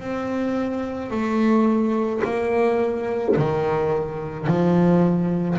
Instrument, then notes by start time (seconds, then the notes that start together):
double bass
0.00 C4
1.11 A3
2.24 A#3
3.36 D#3
4.46 F3